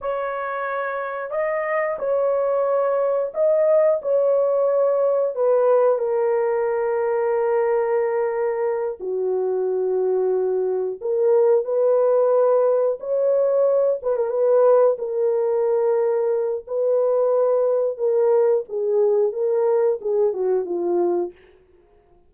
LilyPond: \new Staff \with { instrumentName = "horn" } { \time 4/4 \tempo 4 = 90 cis''2 dis''4 cis''4~ | cis''4 dis''4 cis''2 | b'4 ais'2.~ | ais'4. fis'2~ fis'8~ |
fis'8 ais'4 b'2 cis''8~ | cis''4 b'16 ais'16 b'4 ais'4.~ | ais'4 b'2 ais'4 | gis'4 ais'4 gis'8 fis'8 f'4 | }